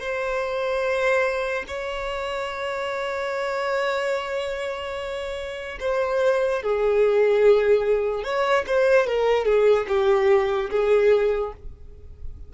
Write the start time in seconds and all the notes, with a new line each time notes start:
0.00 C5
1.67 C#5
5.80 C5
6.62 G#4
8.24 C#5
8.67 C5
9.07 A#4
9.45 G#4
9.88 G4
10.70 G#4